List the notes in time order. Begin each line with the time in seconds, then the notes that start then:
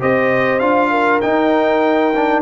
0.00 C4 G4 C5 D#5
0.59 D4 F4 F5
0.90 A#4
1.21 D#4 G5
2.15 D4